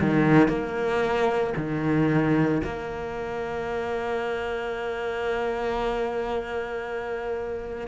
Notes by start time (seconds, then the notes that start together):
0.00 D#3
0.48 A#3
1.56 D#3
2.64 A#3